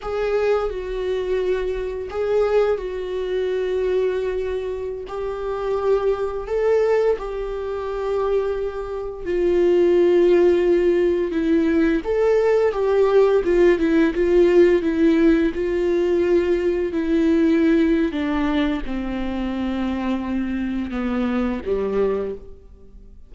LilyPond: \new Staff \with { instrumentName = "viola" } { \time 4/4 \tempo 4 = 86 gis'4 fis'2 gis'4 | fis'2.~ fis'16 g'8.~ | g'4~ g'16 a'4 g'4.~ g'16~ | g'4~ g'16 f'2~ f'8.~ |
f'16 e'4 a'4 g'4 f'8 e'16~ | e'16 f'4 e'4 f'4.~ f'16~ | f'16 e'4.~ e'16 d'4 c'4~ | c'2 b4 g4 | }